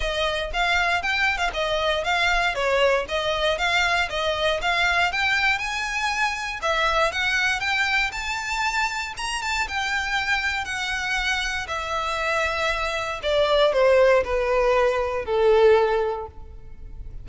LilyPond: \new Staff \with { instrumentName = "violin" } { \time 4/4 \tempo 4 = 118 dis''4 f''4 g''8. f''16 dis''4 | f''4 cis''4 dis''4 f''4 | dis''4 f''4 g''4 gis''4~ | gis''4 e''4 fis''4 g''4 |
a''2 ais''8 a''8 g''4~ | g''4 fis''2 e''4~ | e''2 d''4 c''4 | b'2 a'2 | }